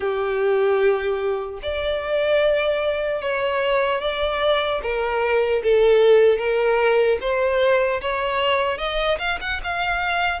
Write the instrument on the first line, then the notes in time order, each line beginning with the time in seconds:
violin
0.00 G4
1.62 D5
3.21 C#5
4.01 D5
4.82 A#4
5.63 A4
6.38 A#4
7.20 C5
8.01 C#5
8.77 D#5
9.18 F5
9.40 F#5
9.63 F5